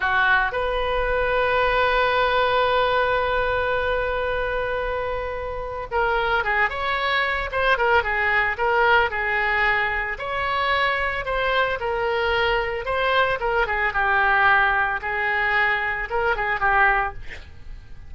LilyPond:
\new Staff \with { instrumentName = "oboe" } { \time 4/4 \tempo 4 = 112 fis'4 b'2.~ | b'1~ | b'2. ais'4 | gis'8 cis''4. c''8 ais'8 gis'4 |
ais'4 gis'2 cis''4~ | cis''4 c''4 ais'2 | c''4 ais'8 gis'8 g'2 | gis'2 ais'8 gis'8 g'4 | }